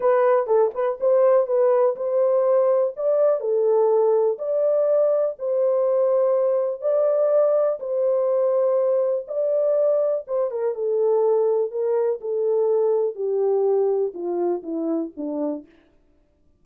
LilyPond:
\new Staff \with { instrumentName = "horn" } { \time 4/4 \tempo 4 = 123 b'4 a'8 b'8 c''4 b'4 | c''2 d''4 a'4~ | a'4 d''2 c''4~ | c''2 d''2 |
c''2. d''4~ | d''4 c''8 ais'8 a'2 | ais'4 a'2 g'4~ | g'4 f'4 e'4 d'4 | }